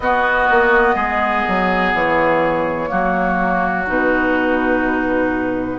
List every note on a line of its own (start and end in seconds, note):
0.00 0.48 B3
0.00 2.87 B3
0.00 0.95 F#4
0.00 1.93 D#5
0.50 0.95 A#3
0.95 1.43 G#3
0.95 2.89 G#4
1.48 1.93 F#3
1.93 2.90 E3
1.93 3.87 C#5
2.87 3.87 F#3
2.87 3.84 A#3
2.87 5.78 F#4
3.86 5.78 B2
3.86 5.78 D#4
3.86 5.78 B4